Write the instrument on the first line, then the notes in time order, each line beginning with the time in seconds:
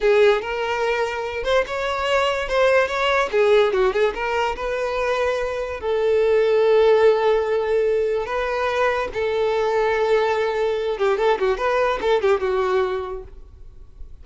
violin
0.00 G#4
0.41 A#4
1.43 C5
1.66 C#5
2.48 C5
2.87 C#5
3.31 G#4
3.72 F#4
3.92 G#4
4.14 A#4
4.56 B4
5.80 A4
8.26 B4
9.13 A4
10.97 G4
11.17 A4
11.39 F#4
11.57 B4
12.01 A4
12.21 G4
12.40 F#4